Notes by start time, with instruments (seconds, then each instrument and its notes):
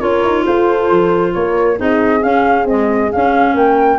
0.00 tuba C#4, clarinet F4, horn A#4, flute C#5
0.23 tuba D#4
0.45 tuba F4, horn A4, flute C5
0.90 tuba F3
1.34 tuba A#3, horn A#4, flute C#5
1.77 tuba C4, clarinet D#4, horn G#4, flute D#5
2.22 clarinet C#4, tuba C#4, flute F5
2.65 clarinet G#3, tuba C4, flute D#5
3.12 clarinet C#4, tuba C#4, flute F5
3.54 tuba A#3, horn A#4, flute G5